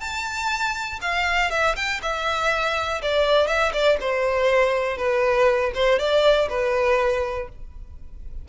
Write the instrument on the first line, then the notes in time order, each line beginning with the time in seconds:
violin
0.00 A5
1.01 F5
1.50 E5
1.76 G5
2.02 E5
3.02 D5
3.47 E5
3.73 D5
4.00 C5
4.97 B4
5.75 C5
5.99 D5
6.49 B4